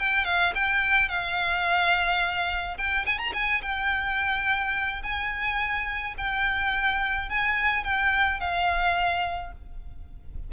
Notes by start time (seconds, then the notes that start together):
0.00 G5
0.25 F5
0.55 G5
1.09 F5
2.78 G5
3.06 G#5
3.19 A#5
3.34 G#5
3.62 G5
5.03 G#5
6.18 G5
7.29 G#5
7.85 G5
8.41 F5